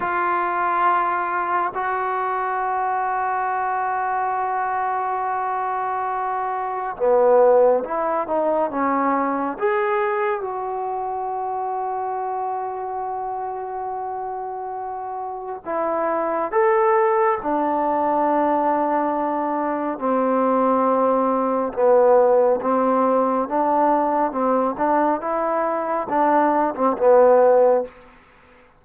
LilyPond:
\new Staff \with { instrumentName = "trombone" } { \time 4/4 \tempo 4 = 69 f'2 fis'2~ | fis'1 | b4 e'8 dis'8 cis'4 gis'4 | fis'1~ |
fis'2 e'4 a'4 | d'2. c'4~ | c'4 b4 c'4 d'4 | c'8 d'8 e'4 d'8. c'16 b4 | }